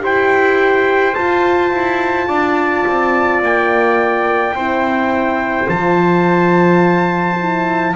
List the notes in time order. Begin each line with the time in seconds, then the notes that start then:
0.00 E4 G4 C5 G5
1.15 F4 A5
1.72 E4
2.28 D4 D5
2.87 C4
3.42 A#3 G5
4.54 C4 E4 C5
5.68 F3 F4 A5
7.39 E4